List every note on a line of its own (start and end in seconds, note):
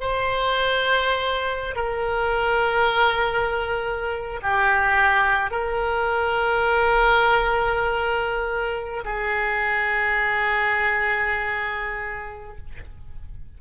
0.00 1.75 C5
1.75 4.40 A#4
4.42 5.51 G4
5.51 9.04 A#4
9.04 12.57 G#4